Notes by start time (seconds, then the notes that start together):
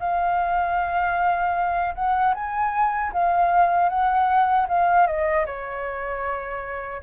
0.00 F5
1.95 F#5
2.35 G#5
3.13 F5
3.89 F#5
4.69 F5
5.07 D#5
5.46 C#5